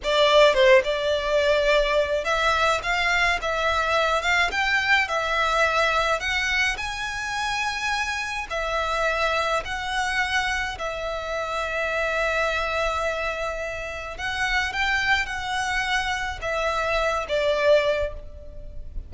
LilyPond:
\new Staff \with { instrumentName = "violin" } { \time 4/4 \tempo 4 = 106 d''4 c''8 d''2~ d''8 | e''4 f''4 e''4. f''8 | g''4 e''2 fis''4 | gis''2. e''4~ |
e''4 fis''2 e''4~ | e''1~ | e''4 fis''4 g''4 fis''4~ | fis''4 e''4. d''4. | }